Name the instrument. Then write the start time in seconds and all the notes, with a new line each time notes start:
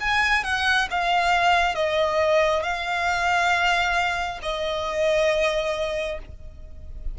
violin
0.00 G#5
0.44 F#5
0.91 F5
1.75 D#5
2.63 F5
4.42 D#5